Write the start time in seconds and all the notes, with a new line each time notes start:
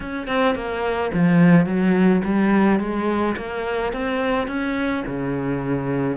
0.00 C#4
0.27 C4
0.55 A#3
1.13 F3
1.66 F#3
2.24 G3
2.79 G#3
3.36 A#3
3.92 C4
4.47 C#4
5.06 C#3